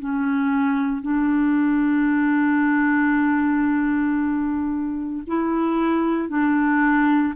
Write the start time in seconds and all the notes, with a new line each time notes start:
0.00 C#4
1.02 D4
5.27 E4
6.29 D4